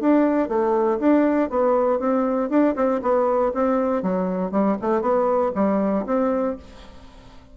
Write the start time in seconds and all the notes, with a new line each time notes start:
0.00 D4
0.48 A3
0.99 D4
1.49 B3
1.99 C4
2.50 D4
2.75 C4
3.02 B3
3.54 C4
4.02 F#3
4.51 G3
4.81 A3
5.01 B3
5.55 G3
6.06 C4